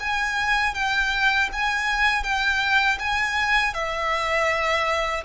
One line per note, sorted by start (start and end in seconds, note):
0.00 0.75 G#5
0.75 1.50 G5
1.53 2.24 G#5
2.24 2.99 G5
2.99 3.74 G#5
3.74 5.24 E5